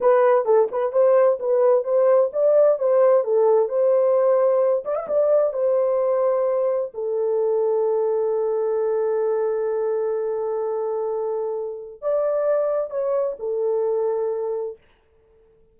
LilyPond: \new Staff \with { instrumentName = "horn" } { \time 4/4 \tempo 4 = 130 b'4 a'8 b'8 c''4 b'4 | c''4 d''4 c''4 a'4 | c''2~ c''8 d''16 e''16 d''4 | c''2. a'4~ |
a'1~ | a'1~ | a'2 d''2 | cis''4 a'2. | }